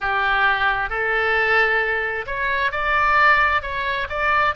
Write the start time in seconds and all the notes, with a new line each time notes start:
0.00 G4
0.89 A4
2.26 C#5
2.71 D5
3.62 C#5
4.09 D5